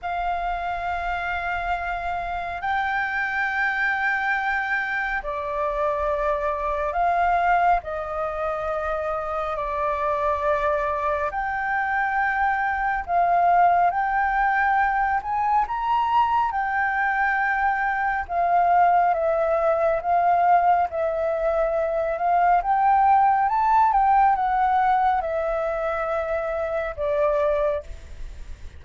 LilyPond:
\new Staff \with { instrumentName = "flute" } { \time 4/4 \tempo 4 = 69 f''2. g''4~ | g''2 d''2 | f''4 dis''2 d''4~ | d''4 g''2 f''4 |
g''4. gis''8 ais''4 g''4~ | g''4 f''4 e''4 f''4 | e''4. f''8 g''4 a''8 g''8 | fis''4 e''2 d''4 | }